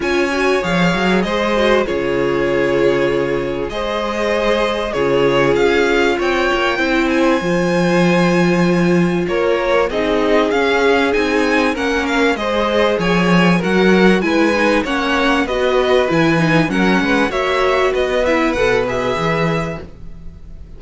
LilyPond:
<<
  \new Staff \with { instrumentName = "violin" } { \time 4/4 \tempo 4 = 97 gis''4 f''4 dis''4 cis''4~ | cis''2 dis''2 | cis''4 f''4 g''4. gis''8~ | gis''2. cis''4 |
dis''4 f''4 gis''4 fis''8 f''8 | dis''4 gis''4 fis''4 gis''4 | fis''4 dis''4 gis''4 fis''4 | e''4 dis''8 e''8 fis''8 e''4. | }
  \new Staff \with { instrumentName = "violin" } { \time 4/4 cis''2 c''4 gis'4~ | gis'2 c''2 | gis'2 cis''4 c''4~ | c''2. ais'4 |
gis'2. ais'4 | c''4 cis''4 ais'4 b'4 | cis''4 b'2 ais'8 b'8 | cis''4 b'2. | }
  \new Staff \with { instrumentName = "viola" } { \time 4/4 f'8 fis'8 gis'4. fis'8 f'4~ | f'2 gis'2 | f'2. e'4 | f'1 |
dis'4 cis'4 dis'4 cis'4 | gis'2 fis'4 e'8 dis'8 | cis'4 fis'4 e'8 dis'8 cis'4 | fis'4. e'8 a'8 gis'4. | }
  \new Staff \with { instrumentName = "cello" } { \time 4/4 cis'4 f8 fis8 gis4 cis4~ | cis2 gis2 | cis4 cis'4 c'8 ais8 c'4 | f2. ais4 |
c'4 cis'4 c'4 ais4 | gis4 f4 fis4 gis4 | ais4 b4 e4 fis8 gis8 | ais4 b4 b,4 e4 | }
>>